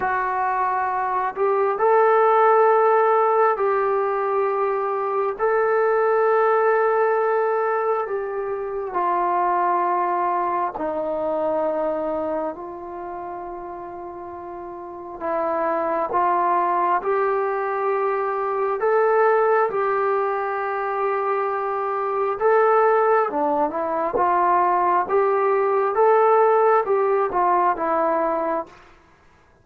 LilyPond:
\new Staff \with { instrumentName = "trombone" } { \time 4/4 \tempo 4 = 67 fis'4. g'8 a'2 | g'2 a'2~ | a'4 g'4 f'2 | dis'2 f'2~ |
f'4 e'4 f'4 g'4~ | g'4 a'4 g'2~ | g'4 a'4 d'8 e'8 f'4 | g'4 a'4 g'8 f'8 e'4 | }